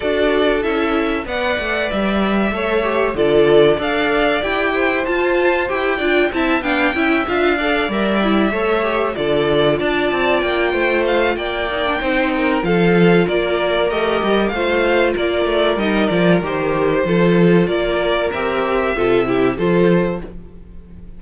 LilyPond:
<<
  \new Staff \with { instrumentName = "violin" } { \time 4/4 \tempo 4 = 95 d''4 e''4 fis''4 e''4~ | e''4 d''4 f''4 g''4 | a''4 g''4 a''8 g''4 f''8~ | f''8 e''2 d''4 a''8~ |
a''8 g''4 f''8 g''2 | f''4 d''4 dis''4 f''4 | d''4 dis''8 d''8 c''2 | d''4 e''2 c''4 | }
  \new Staff \with { instrumentName = "violin" } { \time 4/4 a'2 d''2 | cis''4 a'4 d''4. c''8~ | c''4. d''8 e''8 f''8 e''4 | d''4. cis''4 a'4 d''8~ |
d''4 c''4 d''4 c''8 ais'8 | a'4 ais'2 c''4 | ais'2. a'4 | ais'2 a'8 g'8 a'4 | }
  \new Staff \with { instrumentName = "viola" } { \time 4/4 fis'4 e'4 b'2 | a'8 g'8 f'4 a'4 g'4 | f'4 g'8 f'8 e'8 d'8 e'8 f'8 | a'8 ais'8 e'8 a'8 g'8 f'4.~ |
f'2~ f'8 dis'16 d'16 dis'4 | f'2 g'4 f'4~ | f'4 dis'8 f'8 g'4 f'4~ | f'4 g'4 f'8 e'8 f'4 | }
  \new Staff \with { instrumentName = "cello" } { \time 4/4 d'4 cis'4 b8 a8 g4 | a4 d4 d'4 e'4 | f'4 e'8 d'8 c'8 b8 cis'8 d'8~ | d'8 g4 a4 d4 d'8 |
c'8 ais8 a4 ais4 c'4 | f4 ais4 a8 g8 a4 | ais8 a8 g8 f8 dis4 f4 | ais4 c'4 c4 f4 | }
>>